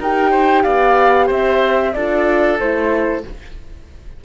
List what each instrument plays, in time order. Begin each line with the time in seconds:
0.00 cello D#4, horn G4, oboe A#4, flute G5
0.31 oboe C5
0.64 cello B3, oboe D5, flute F5
1.26 cello C4, oboe C5, flute E5
1.93 cello D4, horn F4, oboe A4, flute D5
2.59 cello A3, horn E4, flute C5